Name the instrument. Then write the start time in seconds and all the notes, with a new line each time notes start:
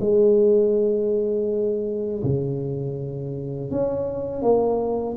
tuba
0.00 G#3
2.23 C#3
3.71 C#4
4.42 A#3